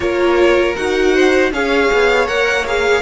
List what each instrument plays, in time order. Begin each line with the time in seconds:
0.00 cello A#3, viola F4, violin A#4 C#5
0.76 cello D#4, viola F#4, violin F#5
1.14 violin C5
1.51 cello C#4, viola G#4, violin C#5 F5
1.92 cello B3
2.27 cello A#3, viola A#4, violin F#5
2.66 viola G#4, violin F5